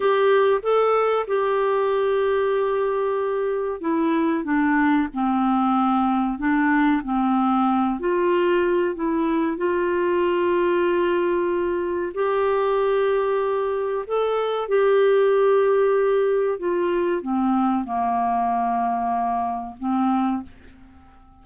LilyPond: \new Staff \with { instrumentName = "clarinet" } { \time 4/4 \tempo 4 = 94 g'4 a'4 g'2~ | g'2 e'4 d'4 | c'2 d'4 c'4~ | c'8 f'4. e'4 f'4~ |
f'2. g'4~ | g'2 a'4 g'4~ | g'2 f'4 c'4 | ais2. c'4 | }